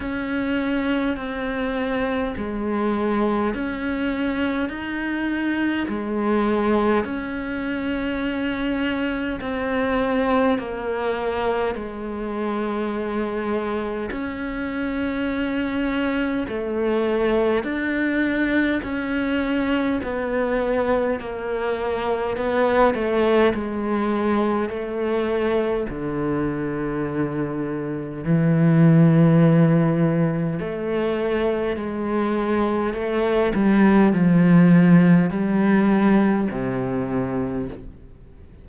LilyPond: \new Staff \with { instrumentName = "cello" } { \time 4/4 \tempo 4 = 51 cis'4 c'4 gis4 cis'4 | dis'4 gis4 cis'2 | c'4 ais4 gis2 | cis'2 a4 d'4 |
cis'4 b4 ais4 b8 a8 | gis4 a4 d2 | e2 a4 gis4 | a8 g8 f4 g4 c4 | }